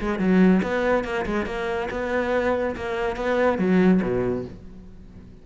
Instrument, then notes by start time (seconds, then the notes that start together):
cello
0.00 G#3
0.19 F#3
0.62 B3
1.04 A#3
1.26 G#3
1.46 A#3
1.90 B3
2.76 A#3
3.16 B3
3.58 F#3
4.02 B2